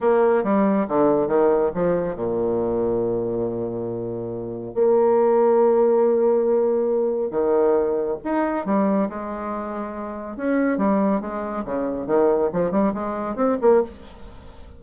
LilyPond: \new Staff \with { instrumentName = "bassoon" } { \time 4/4 \tempo 4 = 139 ais4 g4 d4 dis4 | f4 ais,2.~ | ais,2. ais4~ | ais1~ |
ais4 dis2 dis'4 | g4 gis2. | cis'4 g4 gis4 cis4 | dis4 f8 g8 gis4 c'8 ais8 | }